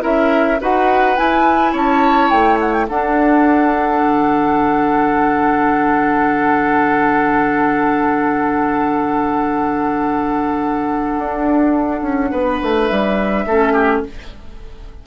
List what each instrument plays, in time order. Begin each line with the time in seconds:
0.00 bassoon C#4, clarinet E4, oboe A#4, flute E5
0.60 bassoon D#4, clarinet F#4, oboe B4, flute F#5
1.16 clarinet E4, bassoon E4, flute G#5
1.72 bassoon C#4, oboe C#5, flute A5
2.30 bassoon A3, flute G5
2.60 flute F#5
2.73 flute G5
2.88 bassoon D4, clarinet D4, oboe A4, flute F#5
4.02 bassoon D3
11.18 bassoon D4
12.01 bassoon C#4
12.31 bassoon B3, oboe B4
12.62 bassoon A3
12.86 bassoon G3, flute E5
13.45 bassoon A3, clarinet C#4, oboe A4
13.73 oboe G4